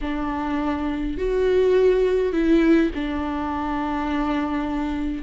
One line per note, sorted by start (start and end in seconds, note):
0.01 1.17 D4
1.17 2.32 F#4
2.32 2.90 E4
2.94 5.22 D4